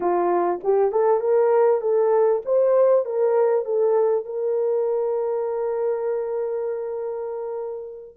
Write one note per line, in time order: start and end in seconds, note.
0.00 0.60 F4
0.63 0.91 G4
0.91 1.20 A4
1.20 1.81 A#4
1.81 2.41 A4
2.45 3.05 C5
3.05 3.65 A#4
3.65 4.25 A4
4.25 8.16 A#4